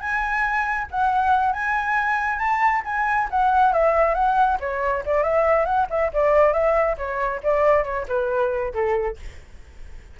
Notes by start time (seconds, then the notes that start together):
0.00 G#5
0.91 F#5
1.53 G#5
2.39 A5
2.85 G#5
3.30 F#5
3.73 E5
4.14 F#5
4.60 C#5
5.05 D5
5.23 E5
5.65 F#5
5.90 E5
6.13 D5
6.53 E5
6.97 C#5
7.43 D5
7.84 C#5
8.08 B4
8.73 A4